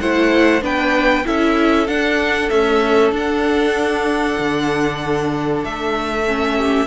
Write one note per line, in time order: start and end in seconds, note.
0.00 0.62 A3
0.00 0.61 E4
0.00 0.63 C5
0.00 0.62 F#5
0.61 1.24 B3
0.61 1.24 D4
0.61 1.25 B4
0.61 1.26 G5
1.24 1.87 C#4
1.24 1.87 E4
1.24 6.56 A4
1.24 1.87 E5
1.87 2.50 D4
1.87 2.49 F#5
2.49 3.12 A3
2.49 3.12 C#4
2.49 3.12 E5
3.12 4.37 D4
3.12 6.25 D4
3.12 5.64 F#5
4.39 5.64 D3
5.64 6.86 A3
5.64 6.86 E5
6.27 6.86 C#4
6.56 6.86 G4